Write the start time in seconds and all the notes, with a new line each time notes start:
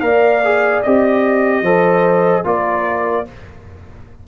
0.00 A#3 A#4 D5 F5
0.44 G#4
0.83 C4 G4 D#5
1.61 F3 A4 C5
2.44 A#3 F4 A#4 D5